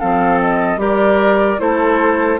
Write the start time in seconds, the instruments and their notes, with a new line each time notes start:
0.00 bassoon F3, clarinet C4, oboe A4, flute F5
0.41 flute D#5
0.77 bassoon G3, clarinet G4, oboe A#4, flute D5
1.59 bassoon A3, clarinet E4, oboe A4, flute C5